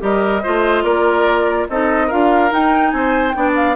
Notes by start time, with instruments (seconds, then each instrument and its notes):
0.00 bassoon G3, clarinet G4, oboe A#4, flute D#5
0.43 bassoon A3, clarinet F4, oboe C5
0.83 bassoon A#3, oboe A#4, flute D5
1.69 bassoon C4, clarinet D#4, oboe A4, flute D#5
2.07 bassoon D4, clarinet F4, oboe A#4, flute F5
2.50 clarinet D#4, bassoon D#4, flute G5
2.91 bassoon C4, oboe C5, flute G#5
3.30 bassoon B3, clarinet D4, flute G5
3.36 oboe D5
3.55 flute F5